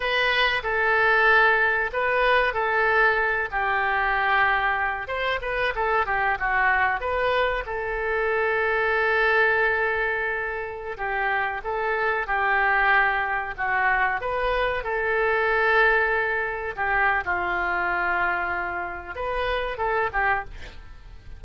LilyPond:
\new Staff \with { instrumentName = "oboe" } { \time 4/4 \tempo 4 = 94 b'4 a'2 b'4 | a'4. g'2~ g'8 | c''8 b'8 a'8 g'8 fis'4 b'4 | a'1~ |
a'4~ a'16 g'4 a'4 g'8.~ | g'4~ g'16 fis'4 b'4 a'8.~ | a'2~ a'16 g'8. f'4~ | f'2 b'4 a'8 g'8 | }